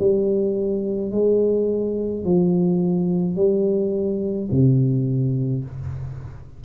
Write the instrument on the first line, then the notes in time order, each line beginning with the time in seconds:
tuba
0.00 G3
1.12 G#3
2.25 F3
3.36 G3
4.51 C3